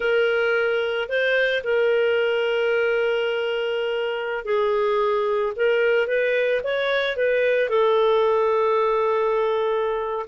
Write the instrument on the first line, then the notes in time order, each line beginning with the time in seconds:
clarinet
0.00 A#4
1.08 C5
1.63 A#4
4.44 G#4
5.55 A#4
6.07 B4
6.63 C#5
7.16 B4
7.69 A4